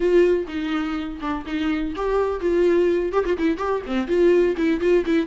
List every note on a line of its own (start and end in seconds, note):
0.00 0.46 F4
0.47 1.19 D#4
1.20 1.44 D4
1.46 1.94 D#4
1.95 2.40 G4
2.40 3.12 F4
3.12 3.24 G4
3.25 3.37 F4
3.38 3.57 E4
3.57 3.81 G4
3.86 4.07 C4
4.07 4.55 F4
4.56 4.80 E4
4.80 5.04 F4
5.05 5.26 E4